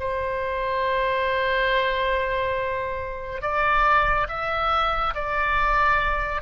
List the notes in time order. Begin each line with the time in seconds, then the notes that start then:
0.00 C5
3.42 D5
4.29 E5
5.15 D5